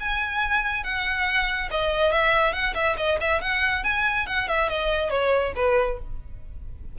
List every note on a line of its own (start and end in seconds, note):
0.00 0.83 G#5
0.83 1.69 F#5
1.71 2.12 D#5
2.12 2.52 E5
2.52 2.74 F#5
2.74 2.96 E5
2.97 3.18 D#5
3.20 3.41 E5
3.41 3.84 F#5
3.84 4.26 G#5
4.26 4.48 F#5
4.48 4.69 E5
4.69 5.10 D#5
5.10 5.53 C#5
5.56 5.98 B4